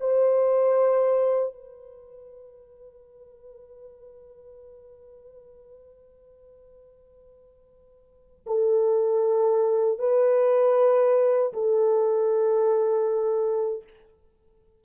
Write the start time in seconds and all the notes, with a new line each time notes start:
0.00 C5
1.53 B4
8.47 A4
9.99 B4
11.53 A4